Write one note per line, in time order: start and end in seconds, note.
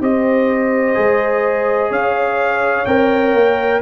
0.00 0.95 C4
0.00 0.94 G4
0.00 1.90 C5
0.00 1.92 D#5
0.94 1.90 G#3
0.94 2.85 G#4
1.90 2.86 C#4
1.90 3.80 C#5
1.90 2.85 F5
2.85 3.33 C4
2.85 3.81 A#4
2.85 3.80 G5
3.33 3.81 A#3